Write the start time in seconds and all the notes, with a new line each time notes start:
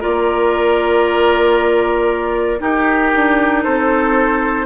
0.00 A#3 F4 A#4 D5
2.60 D#4 G4 A#4
3.15 D4
3.63 C4 A4 C5